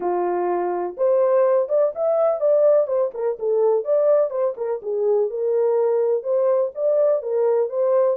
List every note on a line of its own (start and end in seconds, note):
0.00 0.96 F4
0.97 1.68 C5
1.68 1.92 D5
1.95 2.40 E5
2.40 2.87 D5
2.87 3.11 C5
3.14 3.38 A#4
3.39 3.84 A4
3.84 4.30 D5
4.30 4.54 C5
4.56 4.80 A#4
4.82 5.30 G#4
5.30 6.23 A#4
6.23 6.71 C5
6.74 7.22 D5
7.22 7.69 A#4
7.69 8.17 C5